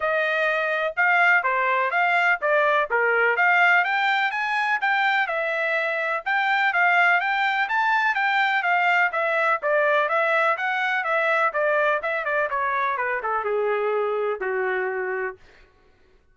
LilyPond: \new Staff \with { instrumentName = "trumpet" } { \time 4/4 \tempo 4 = 125 dis''2 f''4 c''4 | f''4 d''4 ais'4 f''4 | g''4 gis''4 g''4 e''4~ | e''4 g''4 f''4 g''4 |
a''4 g''4 f''4 e''4 | d''4 e''4 fis''4 e''4 | d''4 e''8 d''8 cis''4 b'8 a'8 | gis'2 fis'2 | }